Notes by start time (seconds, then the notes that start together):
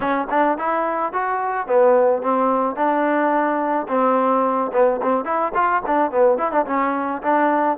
0.00 C#4
0.30 D4
0.58 E4
1.12 F#4
1.67 B3
2.22 C4
2.76 D4
3.88 C4
4.72 B3
5.02 C4
5.24 E4
5.54 F4
5.86 D4
6.11 B3
6.38 E4
6.51 D4
6.66 C#4
7.22 D4